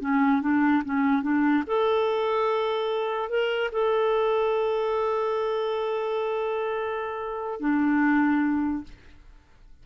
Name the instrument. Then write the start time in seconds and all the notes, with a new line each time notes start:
clarinet
0.00 C#4
0.41 D4
0.85 C#4
1.22 D4
1.66 A4
3.29 A#4
3.72 A4
7.60 D4